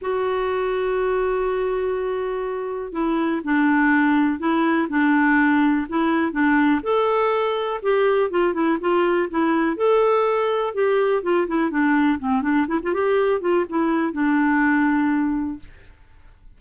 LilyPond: \new Staff \with { instrumentName = "clarinet" } { \time 4/4 \tempo 4 = 123 fis'1~ | fis'2 e'4 d'4~ | d'4 e'4 d'2 | e'4 d'4 a'2 |
g'4 f'8 e'8 f'4 e'4 | a'2 g'4 f'8 e'8 | d'4 c'8 d'8 e'16 f'16 g'4 f'8 | e'4 d'2. | }